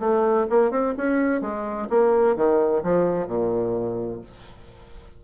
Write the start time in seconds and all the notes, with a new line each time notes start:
0.00 A3
0.50 A#3
0.71 C4
0.98 C#4
1.41 G#3
1.90 A#3
2.36 D#3
2.84 F3
3.28 A#2